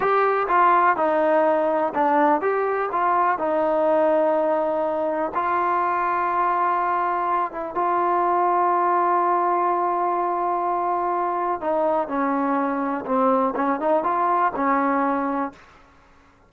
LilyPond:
\new Staff \with { instrumentName = "trombone" } { \time 4/4 \tempo 4 = 124 g'4 f'4 dis'2 | d'4 g'4 f'4 dis'4~ | dis'2. f'4~ | f'2.~ f'8 e'8 |
f'1~ | f'1 | dis'4 cis'2 c'4 | cis'8 dis'8 f'4 cis'2 | }